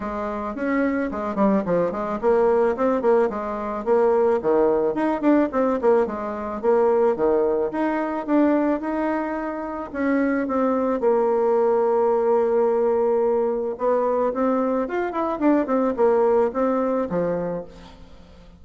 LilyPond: \new Staff \with { instrumentName = "bassoon" } { \time 4/4 \tempo 4 = 109 gis4 cis'4 gis8 g8 f8 gis8 | ais4 c'8 ais8 gis4 ais4 | dis4 dis'8 d'8 c'8 ais8 gis4 | ais4 dis4 dis'4 d'4 |
dis'2 cis'4 c'4 | ais1~ | ais4 b4 c'4 f'8 e'8 | d'8 c'8 ais4 c'4 f4 | }